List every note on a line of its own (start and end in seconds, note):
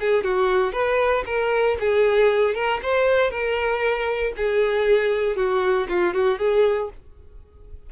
0.00 0.24 G#4
0.24 0.73 F#4
0.73 1.24 B4
1.26 1.77 A#4
1.80 2.55 G#4
2.55 2.80 A#4
2.83 3.31 C5
3.31 4.33 A#4
4.37 5.36 G#4
5.36 5.87 F#4
5.89 6.14 F4
6.14 6.38 F#4
6.38 6.90 G#4